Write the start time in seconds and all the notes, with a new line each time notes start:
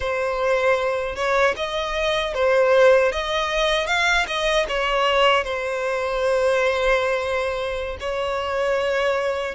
0.00 C5
1.15 C#5
1.56 D#5
2.34 C5
3.12 D#5
3.86 F5
4.26 D#5
4.68 C#5
5.44 C5
7.99 C#5